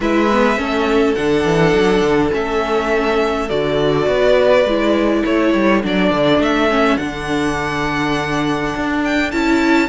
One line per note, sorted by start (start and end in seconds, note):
0.00 0.57 G#3
0.00 0.30 E4
0.00 0.58 B4
0.00 1.14 E5
0.32 0.57 B3
0.57 1.15 A3
0.57 1.15 C#4
0.57 4.08 A4
1.14 1.44 D3
1.14 2.31 D4
1.14 2.31 F#5
1.44 1.73 E3
1.74 2.01 F#3
2.01 2.30 D3
2.31 3.50 A3
2.31 3.47 C#4
2.31 3.49 E5
3.49 4.07 D3
3.49 4.66 F#4
3.49 5.23 D5
4.07 4.64 B3
4.07 5.23 B4
4.64 5.23 G#3
4.64 5.82 E4
5.23 5.54 A3
5.23 9.88 A4
5.23 5.83 C#5
5.54 5.83 G3
5.82 6.11 F#3
5.82 6.70 D4
5.82 6.42 D5
6.11 6.38 D3
6.38 6.97 A3
6.38 6.97 E5
6.70 6.97 C#4
6.97 8.74 D3
6.97 9.30 D4
6.97 9.01 F#5
8.75 9.32 D4
9.04 9.31 G5
9.31 9.88 C#4
9.31 9.88 E4
9.31 9.88 A5